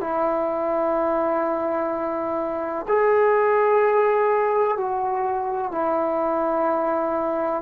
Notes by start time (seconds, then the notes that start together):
0.00 E4
2.87 G#4
4.77 F#4
5.71 E4